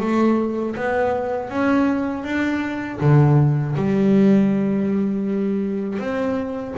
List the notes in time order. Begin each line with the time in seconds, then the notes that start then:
0.00 A3
0.75 B3
1.49 C#4
2.24 D4
3.00 D3
3.75 G3
5.99 C4